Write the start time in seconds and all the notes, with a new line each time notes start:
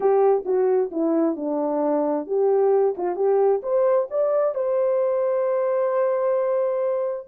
0.00 G4
0.45 F#4
0.91 E4
1.36 D4
2.26 G4
2.97 F4
3.15 G4
3.62 C5
4.10 D5
4.54 C5